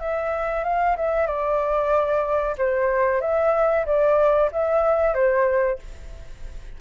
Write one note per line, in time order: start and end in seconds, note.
0.00 0.64 E5
0.64 0.96 F5
0.97 1.27 E5
1.27 2.56 D5
2.58 3.21 C5
3.21 3.86 E5
3.86 4.51 D5
4.52 5.14 E5
5.14 5.79 C5